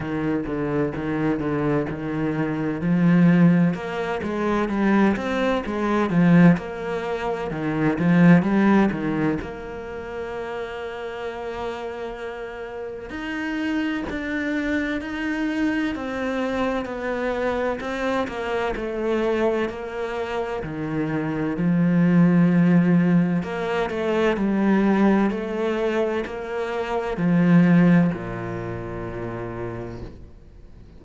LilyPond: \new Staff \with { instrumentName = "cello" } { \time 4/4 \tempo 4 = 64 dis8 d8 dis8 d8 dis4 f4 | ais8 gis8 g8 c'8 gis8 f8 ais4 | dis8 f8 g8 dis8 ais2~ | ais2 dis'4 d'4 |
dis'4 c'4 b4 c'8 ais8 | a4 ais4 dis4 f4~ | f4 ais8 a8 g4 a4 | ais4 f4 ais,2 | }